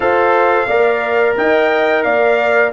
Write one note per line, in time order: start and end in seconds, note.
0.00 0.65 F4
0.00 0.67 A4
0.00 0.67 C5
0.00 1.36 F5
0.67 1.36 A#3
0.67 2.72 A#4
0.67 1.35 D5
1.37 2.04 D#4
1.37 2.04 D#5
1.37 2.03 G5
2.03 2.72 A#3
2.03 2.72 D5
2.03 2.71 F5